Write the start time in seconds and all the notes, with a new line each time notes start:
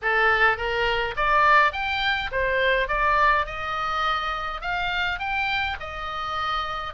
0.02 A4
0.57 A#4
1.16 D5
1.72 G5
2.31 C5
2.88 D5
3.46 D#5
4.61 F5
5.19 G5
5.80 D#5